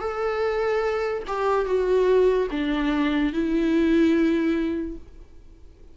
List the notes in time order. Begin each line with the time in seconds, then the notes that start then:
0.00 A4
1.27 G4
1.66 F#4
2.51 D4
3.33 E4